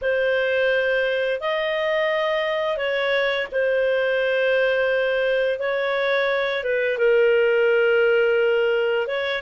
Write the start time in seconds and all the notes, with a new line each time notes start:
0.01 C5
1.40 D#5
2.77 C#5
3.51 C5
5.59 C#5
6.63 B4
6.98 A#4
9.07 C#5